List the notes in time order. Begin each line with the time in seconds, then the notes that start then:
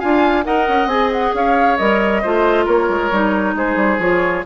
0.00 D4 F4 F5 G#5
0.44 D#4 A#4 D#5 F#5
0.68 C#4
0.86 C4 G#4 G#5
1.12 F#5
1.34 C#4 C#5 F5
1.77 G3 A#4 D#5
2.22 A3 F4 C5
2.65 A#3 A#4 C#5
2.89 G#3
3.11 G3 D#4
3.55 G#3 G#4 C5
3.76 G3
3.99 F3 F4 C#5